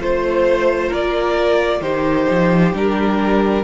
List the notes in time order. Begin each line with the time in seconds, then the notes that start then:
0.00 A3 F4 C5
0.89 A#3 A#4 D5
1.81 D#3 D#4 G4 C5
2.31 F3
2.73 G3 D4 A#4